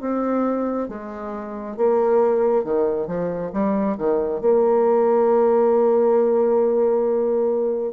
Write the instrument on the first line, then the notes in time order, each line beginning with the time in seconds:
bassoon
0.00 C4
0.88 G#3
1.76 A#3
2.64 D#3
3.07 F3
3.53 G3
3.97 D#3
4.40 A#3